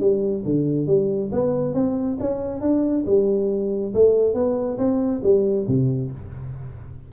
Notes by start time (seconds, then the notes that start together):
0.00 G3
0.45 D3
0.87 G3
1.32 B3
1.74 C4
2.20 C#4
2.61 D4
3.06 G3
3.94 A3
4.34 B3
4.78 C4
5.23 G3
5.68 C3